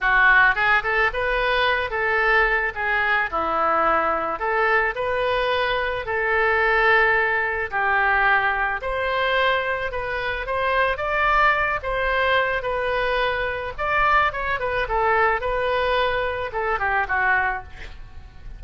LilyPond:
\new Staff \with { instrumentName = "oboe" } { \time 4/4 \tempo 4 = 109 fis'4 gis'8 a'8 b'4. a'8~ | a'4 gis'4 e'2 | a'4 b'2 a'4~ | a'2 g'2 |
c''2 b'4 c''4 | d''4. c''4. b'4~ | b'4 d''4 cis''8 b'8 a'4 | b'2 a'8 g'8 fis'4 | }